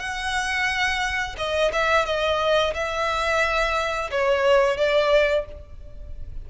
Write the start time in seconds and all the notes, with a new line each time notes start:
0.00 F#5
1.38 D#5
1.73 E5
2.06 D#5
2.75 E5
4.11 C#5
4.78 D5